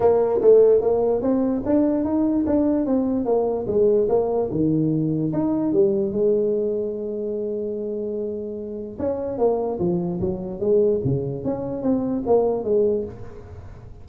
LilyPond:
\new Staff \with { instrumentName = "tuba" } { \time 4/4 \tempo 4 = 147 ais4 a4 ais4 c'4 | d'4 dis'4 d'4 c'4 | ais4 gis4 ais4 dis4~ | dis4 dis'4 g4 gis4~ |
gis1~ | gis2 cis'4 ais4 | f4 fis4 gis4 cis4 | cis'4 c'4 ais4 gis4 | }